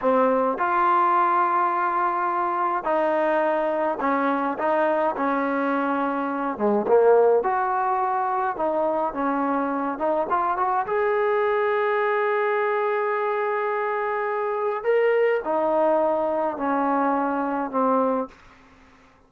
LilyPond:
\new Staff \with { instrumentName = "trombone" } { \time 4/4 \tempo 4 = 105 c'4 f'2.~ | f'4 dis'2 cis'4 | dis'4 cis'2~ cis'8 gis8 | ais4 fis'2 dis'4 |
cis'4. dis'8 f'8 fis'8 gis'4~ | gis'1~ | gis'2 ais'4 dis'4~ | dis'4 cis'2 c'4 | }